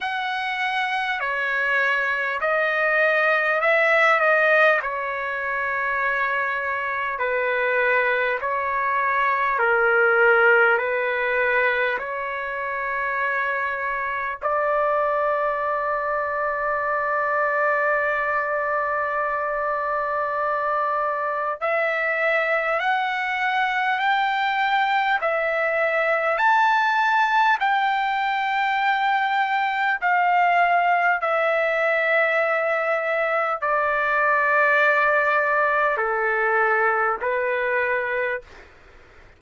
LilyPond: \new Staff \with { instrumentName = "trumpet" } { \time 4/4 \tempo 4 = 50 fis''4 cis''4 dis''4 e''8 dis''8 | cis''2 b'4 cis''4 | ais'4 b'4 cis''2 | d''1~ |
d''2 e''4 fis''4 | g''4 e''4 a''4 g''4~ | g''4 f''4 e''2 | d''2 a'4 b'4 | }